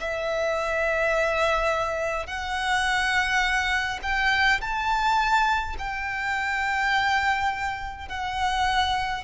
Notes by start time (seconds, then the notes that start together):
0.00 E5
2.26 F#5
4.02 G5
4.60 A5
5.78 G5
8.09 F#5